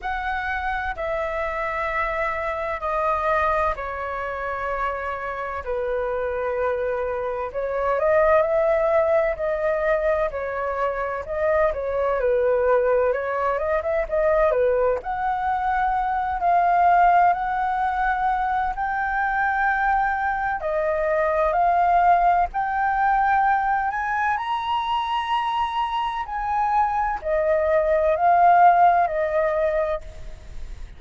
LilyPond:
\new Staff \with { instrumentName = "flute" } { \time 4/4 \tempo 4 = 64 fis''4 e''2 dis''4 | cis''2 b'2 | cis''8 dis''8 e''4 dis''4 cis''4 | dis''8 cis''8 b'4 cis''8 dis''16 e''16 dis''8 b'8 |
fis''4. f''4 fis''4. | g''2 dis''4 f''4 | g''4. gis''8 ais''2 | gis''4 dis''4 f''4 dis''4 | }